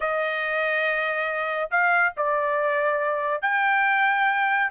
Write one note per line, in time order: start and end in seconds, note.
0.00 1.70 D#5
1.70 2.13 F5
2.16 3.41 D5
3.41 4.70 G5